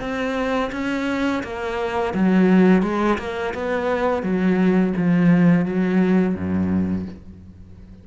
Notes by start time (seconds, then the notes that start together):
0.00 C4
0.72 C#4
1.43 A#3
2.14 F#3
2.82 G#3
3.18 A#3
3.54 B3
4.23 F#3
4.97 F3
5.66 F#3
6.35 F#2